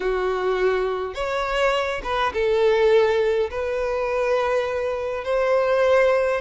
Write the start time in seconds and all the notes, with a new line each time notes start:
0.00 F#4
1.14 C#5
2.03 B4
2.33 A4
3.50 B4
5.24 C5